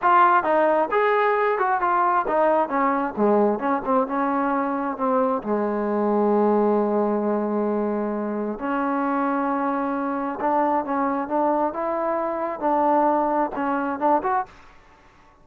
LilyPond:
\new Staff \with { instrumentName = "trombone" } { \time 4/4 \tempo 4 = 133 f'4 dis'4 gis'4. fis'8 | f'4 dis'4 cis'4 gis4 | cis'8 c'8 cis'2 c'4 | gis1~ |
gis2. cis'4~ | cis'2. d'4 | cis'4 d'4 e'2 | d'2 cis'4 d'8 fis'8 | }